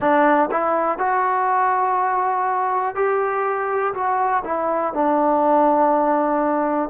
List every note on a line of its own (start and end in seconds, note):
0.00 0.49 D4
0.51 0.98 E4
0.98 2.95 F#4
2.95 3.93 G4
3.93 4.43 F#4
4.44 4.93 E4
4.93 6.89 D4